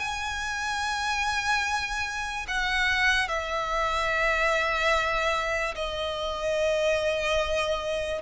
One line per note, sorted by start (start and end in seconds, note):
0.00 2.47 G#5
2.48 3.28 F#5
3.28 5.75 E5
5.76 8.22 D#5